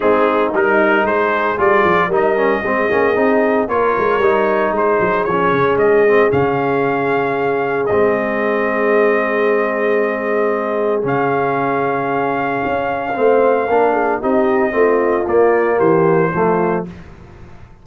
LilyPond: <<
  \new Staff \with { instrumentName = "trumpet" } { \time 4/4 \tempo 4 = 114 gis'4 ais'4 c''4 d''4 | dis''2. cis''4~ | cis''4 c''4 cis''4 dis''4 | f''2. dis''4~ |
dis''1~ | dis''4 f''2.~ | f''2. dis''4~ | dis''4 d''4 c''2 | }
  \new Staff \with { instrumentName = "horn" } { \time 4/4 dis'2 gis'2 | ais'4 gis'2 ais'4~ | ais'4 gis'2.~ | gis'1~ |
gis'1~ | gis'1~ | gis'4 c''4 ais'8 gis'8 g'4 | f'2 g'4 f'4 | }
  \new Staff \with { instrumentName = "trombone" } { \time 4/4 c'4 dis'2 f'4 | dis'8 cis'8 c'8 cis'8 dis'4 f'4 | dis'2 cis'4. c'8 | cis'2. c'4~ |
c'1~ | c'4 cis'2.~ | cis'4 c'4 d'4 dis'4 | c'4 ais2 a4 | }
  \new Staff \with { instrumentName = "tuba" } { \time 4/4 gis4 g4 gis4 g8 f8 | g4 gis8 ais8 c'4 ais8 gis8 | g4 gis8 fis8 f8 cis8 gis4 | cis2. gis4~ |
gis1~ | gis4 cis2. | cis'4 a4 ais4 c'4 | a4 ais4 e4 f4 | }
>>